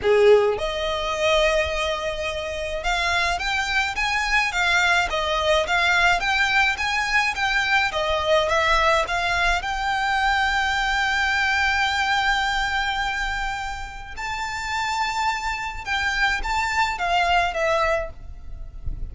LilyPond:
\new Staff \with { instrumentName = "violin" } { \time 4/4 \tempo 4 = 106 gis'4 dis''2.~ | dis''4 f''4 g''4 gis''4 | f''4 dis''4 f''4 g''4 | gis''4 g''4 dis''4 e''4 |
f''4 g''2.~ | g''1~ | g''4 a''2. | g''4 a''4 f''4 e''4 | }